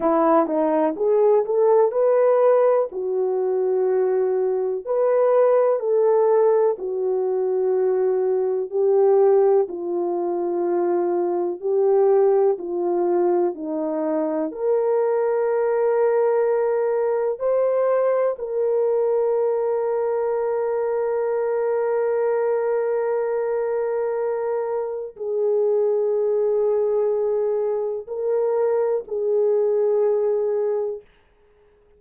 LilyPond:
\new Staff \with { instrumentName = "horn" } { \time 4/4 \tempo 4 = 62 e'8 dis'8 gis'8 a'8 b'4 fis'4~ | fis'4 b'4 a'4 fis'4~ | fis'4 g'4 f'2 | g'4 f'4 dis'4 ais'4~ |
ais'2 c''4 ais'4~ | ais'1~ | ais'2 gis'2~ | gis'4 ais'4 gis'2 | }